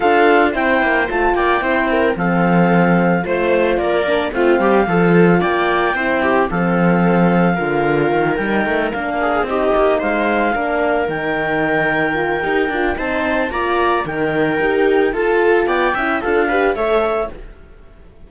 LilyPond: <<
  \new Staff \with { instrumentName = "clarinet" } { \time 4/4 \tempo 4 = 111 f''4 g''4 a''8 g''4. | f''2 c''4 d''4 | f''2 g''2 | f''2.~ f''8 g''8~ |
g''8 f''4 dis''4 f''4.~ | f''8 g''2.~ g''8 | a''4 ais''4 g''2 | a''4 g''4 f''4 e''4 | }
  \new Staff \with { instrumentName = "viola" } { \time 4/4 a'4 c''4. d''8 c''8 ais'8 | a'2 c''4 ais'4 | f'8 g'8 a'4 d''4 c''8 g'8 | a'2 ais'2~ |
ais'4 gis'8 g'4 c''4 ais'8~ | ais'1 | c''4 d''4 ais'2 | a'4 d''8 e''8 a'8 b'8 cis''4 | }
  \new Staff \with { instrumentName = "horn" } { \time 4/4 f'4 e'4 f'4 e'4 | c'2 f'4. d'8 | c'4 f'2 e'4 | c'2 f'4. dis'8~ |
dis'8 d'4 dis'2 d'8~ | d'8 dis'2 f'8 g'8 f'8 | dis'4 f'4 dis'4 g'4 | f'4. e'8 f'8 g'8 a'4 | }
  \new Staff \with { instrumentName = "cello" } { \time 4/4 d'4 c'8 ais8 a8 ais8 c'4 | f2 a4 ais4 | a8 g8 f4 ais4 c'4 | f2 d4 dis8 g8 |
a8 ais4 c'8 ais8 gis4 ais8~ | ais8 dis2~ dis8 dis'8 d'8 | c'4 ais4 dis4 dis'4 | f'4 b8 cis'8 d'4 a4 | }
>>